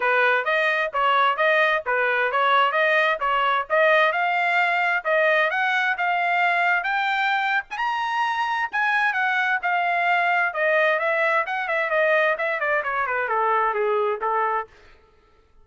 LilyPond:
\new Staff \with { instrumentName = "trumpet" } { \time 4/4 \tempo 4 = 131 b'4 dis''4 cis''4 dis''4 | b'4 cis''4 dis''4 cis''4 | dis''4 f''2 dis''4 | fis''4 f''2 g''4~ |
g''8. gis''16 ais''2 gis''4 | fis''4 f''2 dis''4 | e''4 fis''8 e''8 dis''4 e''8 d''8 | cis''8 b'8 a'4 gis'4 a'4 | }